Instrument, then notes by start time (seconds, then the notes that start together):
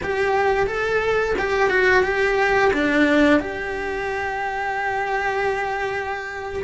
cello
0.03 G4
0.66 A4
1.38 G4
1.69 F#4
2.03 G4
2.73 D4
3.39 G4